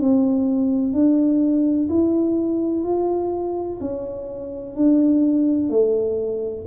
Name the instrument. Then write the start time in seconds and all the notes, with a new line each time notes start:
tuba
0.00 C4
0.93 D4
1.90 E4
2.84 F4
3.81 C#4
4.76 D4
5.70 A3